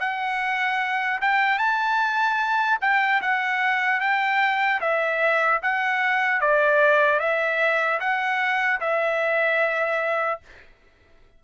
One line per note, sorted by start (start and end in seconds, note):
0.00 1.20 F#5
1.21 1.58 G5
1.58 2.78 A5
2.81 3.21 G5
3.21 4.00 F#5
4.00 4.80 G5
4.81 5.61 E5
5.63 6.41 F#5
6.41 7.20 D5
7.20 8.00 E5
8.00 8.80 F#5
8.80 10.40 E5